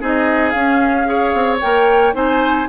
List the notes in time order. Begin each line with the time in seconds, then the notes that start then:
0.00 C4 D#4 G#4 D#5
0.49 C#4 F5
1.05 G#4 C#5
1.33 C4
1.60 A#3 A#4 G5
2.13 C4 D#4 C5 G#5